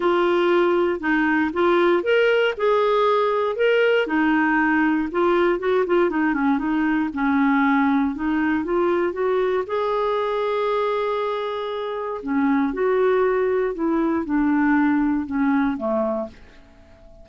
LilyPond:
\new Staff \with { instrumentName = "clarinet" } { \time 4/4 \tempo 4 = 118 f'2 dis'4 f'4 | ais'4 gis'2 ais'4 | dis'2 f'4 fis'8 f'8 | dis'8 cis'8 dis'4 cis'2 |
dis'4 f'4 fis'4 gis'4~ | gis'1 | cis'4 fis'2 e'4 | d'2 cis'4 a4 | }